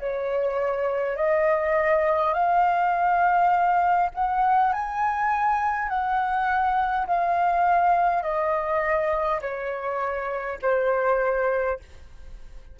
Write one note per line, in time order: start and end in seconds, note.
0.00 1.17 C#5
1.17 2.34 D#5
2.34 4.11 F5
4.15 4.73 F#5
4.73 5.89 G#5
5.89 7.07 F#5
7.07 8.24 F5
8.24 9.41 D#5
9.42 10.59 C#5
10.63 11.80 C5